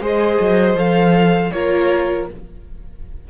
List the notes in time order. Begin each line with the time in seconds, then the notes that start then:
0.00 G#3 G#4 C5
0.07 D#5
0.40 F#3
0.75 F3 A4 F5
1.52 A#3 F4 A#4 C#5